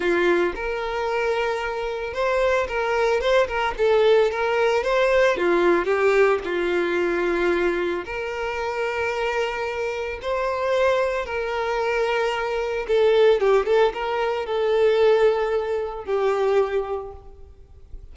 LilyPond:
\new Staff \with { instrumentName = "violin" } { \time 4/4 \tempo 4 = 112 f'4 ais'2. | c''4 ais'4 c''8 ais'8 a'4 | ais'4 c''4 f'4 g'4 | f'2. ais'4~ |
ais'2. c''4~ | c''4 ais'2. | a'4 g'8 a'8 ais'4 a'4~ | a'2 g'2 | }